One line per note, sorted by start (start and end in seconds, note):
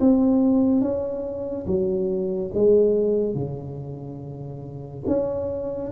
0.00 0.81 C4
0.81 1.65 C#4
1.66 2.51 F#3
2.54 3.34 G#3
3.34 5.03 C#3
5.07 5.91 C#4